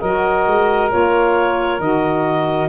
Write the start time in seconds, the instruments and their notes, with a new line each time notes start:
0.00 tuba F#3, saxophone F#4, oboe A#4, clarinet D#5
0.46 tuba G#3
0.89 tuba A#3, saxophone F4, clarinet C#5
1.79 tuba D#3, saxophone F#4, clarinet D#5